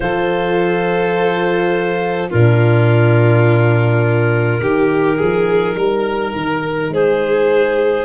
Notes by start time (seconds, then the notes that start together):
0.00 F3 F4 A4 C5
2.29 A#2 D4 F4 A#4
4.60 D#3 D#4 G4
5.17 F3 G#4
5.75 G3 A#4
6.35 D#3
6.89 G#3 G#4 C5